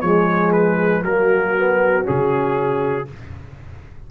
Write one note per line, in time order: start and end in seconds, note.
0.00 1.03 F3
0.00 1.04 G#3
0.00 1.04 G#4
0.00 0.51 C#5
0.52 1.03 B4
1.03 2.04 F#3
1.03 1.56 A#3
1.03 3.07 F#4
1.03 2.05 A#4
1.56 2.03 B3
2.03 3.10 C#3
2.03 3.04 C#4
2.03 3.08 G#4